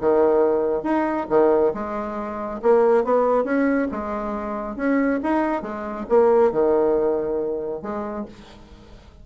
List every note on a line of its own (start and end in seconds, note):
0.00 0.83 D#3
0.83 1.26 D#4
1.29 1.73 D#3
1.73 2.60 G#3
2.62 3.04 A#3
3.04 3.44 B3
3.44 3.87 C#4
3.91 4.76 G#3
4.76 5.19 C#4
5.23 5.62 D#4
5.62 6.05 G#3
6.09 6.51 A#3
6.51 7.82 D#3
7.82 8.25 G#3